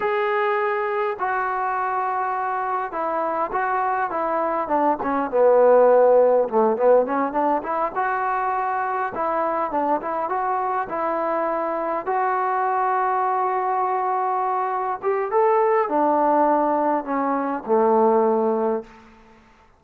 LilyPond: \new Staff \with { instrumentName = "trombone" } { \time 4/4 \tempo 4 = 102 gis'2 fis'2~ | fis'4 e'4 fis'4 e'4 | d'8 cis'8 b2 a8 b8 | cis'8 d'8 e'8 fis'2 e'8~ |
e'8 d'8 e'8 fis'4 e'4.~ | e'8 fis'2.~ fis'8~ | fis'4. g'8 a'4 d'4~ | d'4 cis'4 a2 | }